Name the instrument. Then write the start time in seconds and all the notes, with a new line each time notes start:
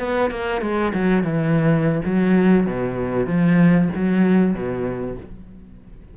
cello
0.00 B3
0.31 A#3
0.62 G#3
0.94 F#3
1.24 E3
2.05 F#3
2.67 B2
3.27 F3
3.95 F#3
4.55 B2